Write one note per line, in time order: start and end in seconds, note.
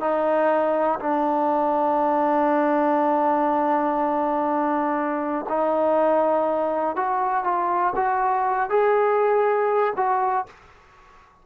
0.00 0.99 D#4
0.99 5.45 D4
5.49 6.96 D#4
6.96 7.44 F#4
7.44 7.93 F4
7.95 8.69 F#4
8.69 9.93 G#4
9.96 10.46 F#4